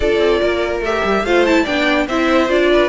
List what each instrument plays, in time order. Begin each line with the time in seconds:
0.00 cello D4, viola F4, violin A4 D5
0.17 cello C4
0.40 cello A#3, violin A#4
0.80 cello A3, viola G4, violin E5
1.04 cello G3
1.23 cello A3, viola F4, violin C5 F5
1.45 viola E4, violin A5
1.63 cello B3, viola D4, violin D5 G5
2.08 cello C4, viola E4, violin C5 E5
2.48 cello D4, viola F4, violin D5
2.72 violin B4